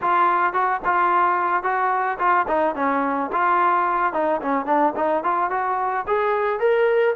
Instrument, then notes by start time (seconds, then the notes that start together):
trombone
0.01 F4
0.53 F#4
0.85 F4
1.63 F#4
2.18 F4
2.47 D#4
2.75 C#4
3.32 F4
4.13 D#4
4.41 C#4
4.65 D4
4.96 D#4
5.23 F4
5.50 F#4
6.07 G#4
6.59 A#4